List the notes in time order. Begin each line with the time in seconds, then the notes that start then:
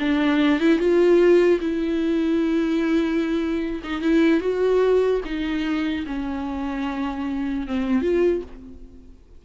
0.00 D4
0.60 E4
0.79 F4
1.61 E4
3.84 D#4
4.02 E4
4.41 F#4
5.25 D#4
6.07 C#4
7.68 C4
8.02 F4